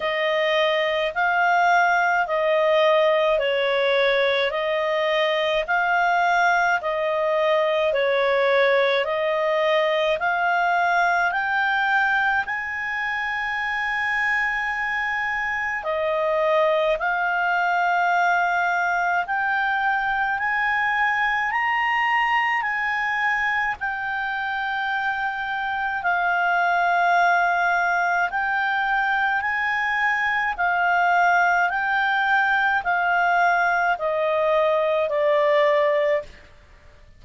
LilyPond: \new Staff \with { instrumentName = "clarinet" } { \time 4/4 \tempo 4 = 53 dis''4 f''4 dis''4 cis''4 | dis''4 f''4 dis''4 cis''4 | dis''4 f''4 g''4 gis''4~ | gis''2 dis''4 f''4~ |
f''4 g''4 gis''4 ais''4 | gis''4 g''2 f''4~ | f''4 g''4 gis''4 f''4 | g''4 f''4 dis''4 d''4 | }